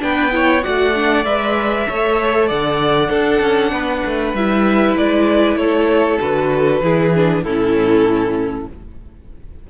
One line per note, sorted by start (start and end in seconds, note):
0.00 0.65 B3
0.00 0.31 D4
0.00 0.34 B4
0.00 0.64 G5
0.32 0.63 E4
0.32 0.64 C#5
0.63 1.25 A3
0.63 0.94 F#4
0.63 1.88 D5
0.63 1.25 F#5
0.95 1.26 D4
1.25 1.87 G#3
1.25 1.87 B4
1.25 2.49 E5
1.87 2.51 A3
1.87 3.11 A4
1.87 2.48 C#5
2.48 3.10 D3
2.48 3.10 D5
2.48 4.35 F#5
3.10 3.40 D4
3.10 4.38 D4
3.10 3.72 A4
3.41 3.72 C#4
3.72 4.03 B3
3.72 5.59 B4
4.06 4.34 A3
4.34 4.96 G3
4.34 6.20 E4
4.34 4.97 E5
4.98 5.56 G#3
4.98 5.57 D5
5.56 6.18 A3
5.56 6.83 A4
5.56 6.19 C#5
6.20 6.81 D3
6.20 6.82 F#4
6.20 7.43 B4
6.81 7.43 E3
6.81 7.15 E4
6.81 7.45 G#4
7.15 7.46 D4
7.43 8.67 A2
7.43 8.70 C#4
7.43 8.69 E4
7.43 8.67 A4